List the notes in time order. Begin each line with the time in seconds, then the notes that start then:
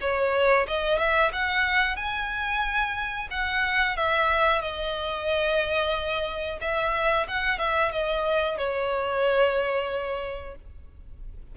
0.00 C#5
0.67 D#5
0.98 E5
1.32 F#5
1.96 G#5
3.30 F#5
3.96 E5
4.61 D#5
6.61 E5
7.27 F#5
7.58 E5
7.91 D#5
8.57 C#5